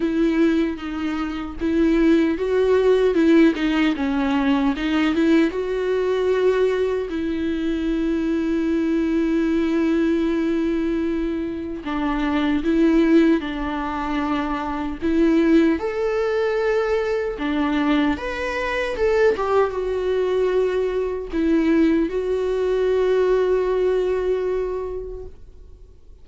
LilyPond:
\new Staff \with { instrumentName = "viola" } { \time 4/4 \tempo 4 = 76 e'4 dis'4 e'4 fis'4 | e'8 dis'8 cis'4 dis'8 e'8 fis'4~ | fis'4 e'2.~ | e'2. d'4 |
e'4 d'2 e'4 | a'2 d'4 b'4 | a'8 g'8 fis'2 e'4 | fis'1 | }